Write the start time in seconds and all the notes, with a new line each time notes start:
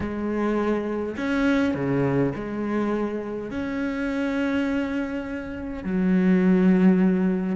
0.00 G#3
1.17 C#4
1.74 C#3
2.35 G#3
3.50 C#4
5.83 F#3